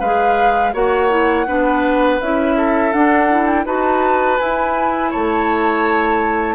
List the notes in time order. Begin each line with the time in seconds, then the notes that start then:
0.00 G#3 G#4 B4 F5
0.74 A#3 F#4 C#5 F#5
1.10 E4
1.47 B3 D4 B4
2.21 C#4 E4 E5
2.57 A4
2.93 D4 F#5
3.30 E4
3.46 G5
3.66 D#4 F#4 B4 A5
4.38 E4 G#5
5.11 A3 C#5 A5